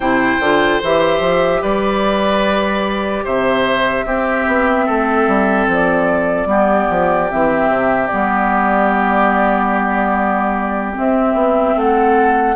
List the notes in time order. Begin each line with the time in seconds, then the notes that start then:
0.00 C3 E4 C5 G5
0.40 D3 F4
0.83 E3 G4 E5
1.20 F3
1.61 G3 B4 D5
3.24 C3 C5 E5
4.05 C4 G4
4.47 B3
4.85 A3 A4
5.27 G3
5.67 F3 D5
6.45 G3 B3 G4
6.90 F3
7.31 E3 C4 E5
7.69 C3
8.07 B3 D5
8.13 G3
10.94 C4 E5
11.34 B3
11.75 A3 A4 F#5